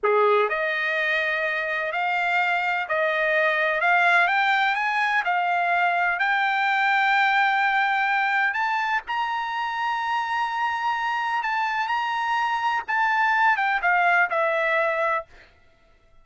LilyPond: \new Staff \with { instrumentName = "trumpet" } { \time 4/4 \tempo 4 = 126 gis'4 dis''2. | f''2 dis''2 | f''4 g''4 gis''4 f''4~ | f''4 g''2.~ |
g''2 a''4 ais''4~ | ais''1 | a''4 ais''2 a''4~ | a''8 g''8 f''4 e''2 | }